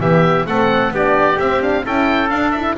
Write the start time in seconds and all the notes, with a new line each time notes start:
0.00 E3 B3 G4 E5
0.46 A3 C4 A4 F#5
0.92 B3 D4 G4 D5
1.39 C4 E5
1.61 D4 F5
1.84 C#4 E4 A4 G5
2.30 D4 F5
2.52 E4 E5